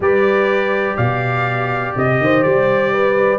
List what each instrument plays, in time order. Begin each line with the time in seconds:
0.00 tuba G3, trombone G4, horn B4, trumpet D5
0.96 tuba B2, horn D5, trumpet F5
1.95 tuba C3, trumpet D#5
2.20 tuba D#3, horn C5
2.42 tuba G3, trumpet D5
2.92 horn B4